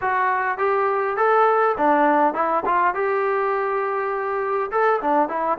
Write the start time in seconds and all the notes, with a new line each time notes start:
0.01 F#4
0.57 G4
1.16 A4
1.77 D4
2.34 E4
2.65 F4
2.94 G4
4.71 A4
5.01 D4
5.28 E4